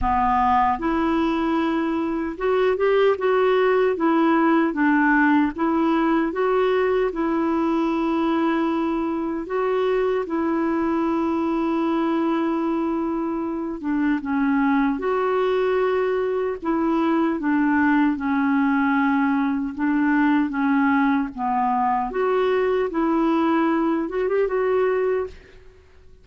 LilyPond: \new Staff \with { instrumentName = "clarinet" } { \time 4/4 \tempo 4 = 76 b4 e'2 fis'8 g'8 | fis'4 e'4 d'4 e'4 | fis'4 e'2. | fis'4 e'2.~ |
e'4. d'8 cis'4 fis'4~ | fis'4 e'4 d'4 cis'4~ | cis'4 d'4 cis'4 b4 | fis'4 e'4. fis'16 g'16 fis'4 | }